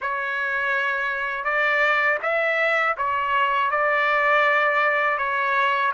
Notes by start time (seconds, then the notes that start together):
0.01 C#5
1.44 D5
2.22 E5
2.97 C#5
3.70 D5
5.18 C#5